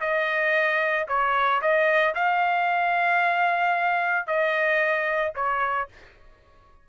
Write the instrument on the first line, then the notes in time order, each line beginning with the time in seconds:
trumpet
0.00 D#5
1.08 C#5
1.61 D#5
2.14 F5
4.26 D#5
5.35 C#5